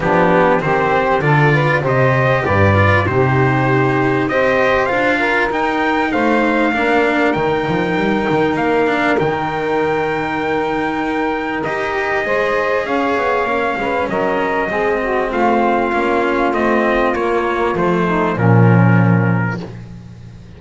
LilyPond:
<<
  \new Staff \with { instrumentName = "trumpet" } { \time 4/4 \tempo 4 = 98 g'4 c''4 d''4 dis''4 | d''4 c''2 dis''4 | f''4 g''4 f''2 | g''2 f''4 g''4~ |
g''2. dis''4~ | dis''4 f''2 dis''4~ | dis''4 f''2 dis''4 | cis''4 c''4 ais'2 | }
  \new Staff \with { instrumentName = "saxophone" } { \time 4/4 d'4 g'4 a'8 b'8 c''4 | b'4 g'2 c''4~ | c''8 ais'4. c''4 ais'4~ | ais'1~ |
ais'1 | c''4 cis''4. b'8 ais'4 | gis'8 fis'8 f'2.~ | f'4. dis'8 cis'2 | }
  \new Staff \with { instrumentName = "cello" } { \time 4/4 b4 c'4 f'4 g'4~ | g'8 f'8 dis'2 g'4 | f'4 dis'2 d'4 | dis'2~ dis'8 d'8 dis'4~ |
dis'2. g'4 | gis'2 cis'2 | c'2 cis'4 c'4 | ais4 a4 f2 | }
  \new Staff \with { instrumentName = "double bass" } { \time 4/4 f4 dis4 d4 c4 | g,4 c2 c'4 | d'4 dis'4 a4 ais4 | dis8 f8 g8 dis8 ais4 dis4~ |
dis2. dis'4 | gis4 cis'8 b8 ais8 gis8 fis4 | gis4 a4 ais4 a4 | ais4 f4 ais,2 | }
>>